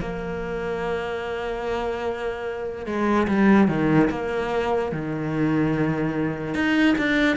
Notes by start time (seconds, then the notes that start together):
0.00 A#3
2.86 G#3
3.27 G3
3.68 D#3
4.10 A#3
4.92 D#3
6.54 D#4
6.98 D4